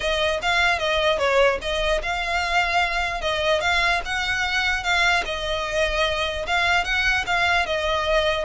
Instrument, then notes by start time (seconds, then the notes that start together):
violin
0.00 D#5
0.42 F5
0.79 D#5
1.18 C#5
1.61 D#5
2.02 F5
3.21 D#5
3.60 F5
4.05 F#5
4.83 F5
5.25 D#5
6.46 F5
6.84 F#5
7.26 F5
7.66 D#5